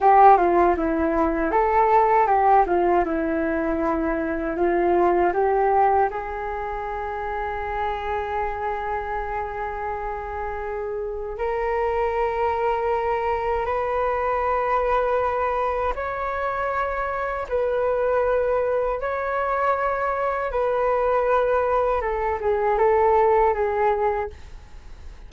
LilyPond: \new Staff \with { instrumentName = "flute" } { \time 4/4 \tempo 4 = 79 g'8 f'8 e'4 a'4 g'8 f'8 | e'2 f'4 g'4 | gis'1~ | gis'2. ais'4~ |
ais'2 b'2~ | b'4 cis''2 b'4~ | b'4 cis''2 b'4~ | b'4 a'8 gis'8 a'4 gis'4 | }